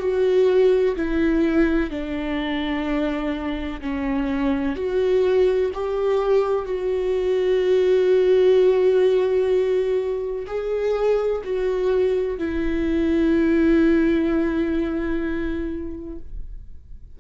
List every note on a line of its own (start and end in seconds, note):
0.00 0.95 F#4
0.96 1.90 E4
1.90 3.81 D4
3.81 4.76 C#4
4.76 5.71 F#4
5.74 6.65 G4
6.65 10.46 F#4
10.47 11.42 G#4
11.44 12.38 F#4
12.38 16.19 E4